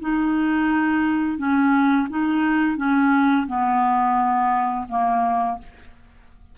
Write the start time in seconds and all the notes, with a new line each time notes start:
0.00 D#4
1.38 C#4
2.09 D#4
2.77 C#4
3.47 B3
4.88 A#3